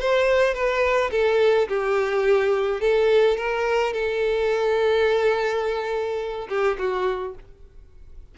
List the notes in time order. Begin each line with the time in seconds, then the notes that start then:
0.00 C5
0.54 B4
1.11 A4
1.69 G4
2.81 A4
3.37 A#4
3.93 A4
6.49 G4
6.78 F#4